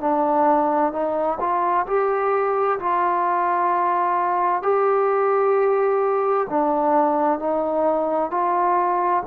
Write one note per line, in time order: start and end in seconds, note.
0.00 0.92 D4
0.92 1.38 D#4
1.39 1.85 F4
1.86 2.79 G4
2.79 4.62 F4
4.62 6.47 G4
6.49 7.39 D4
7.39 8.30 D#4
8.30 9.23 F4